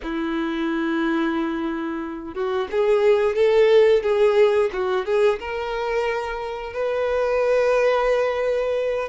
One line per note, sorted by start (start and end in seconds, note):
0.02 2.34 E4
2.34 2.68 F#4
2.71 3.35 G#4
3.35 4.02 A4
4.02 4.70 G#4
4.72 5.05 F#4
5.05 5.39 G#4
5.39 6.73 A#4
6.73 9.08 B4